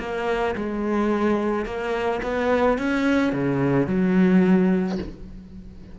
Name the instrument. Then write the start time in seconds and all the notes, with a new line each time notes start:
cello
0.00 A#3
0.56 G#3
1.66 A#3
2.23 B3
2.79 C#4
3.33 C#3
3.88 F#3